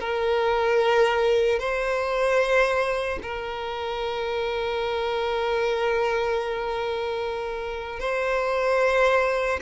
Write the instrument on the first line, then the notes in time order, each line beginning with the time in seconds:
violin
0.00 A#4
1.59 C5
3.22 A#4
8.00 C5